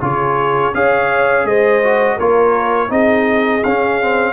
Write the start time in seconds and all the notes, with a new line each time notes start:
0.00 C#3 F4 G#4 C#5
0.73 C#4 G#4 C#5 F5
1.44 G#3 C5 D#5
1.83 F#4
2.16 A#3 F4 A#4 C#5
2.89 C4 D#4 G#4 D#5
3.63 C#4 F5
4.01 C4